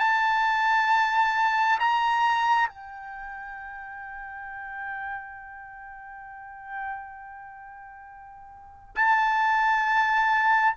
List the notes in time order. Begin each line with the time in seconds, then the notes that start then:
0.00 A5
1.80 A#5
2.69 G5
8.96 A5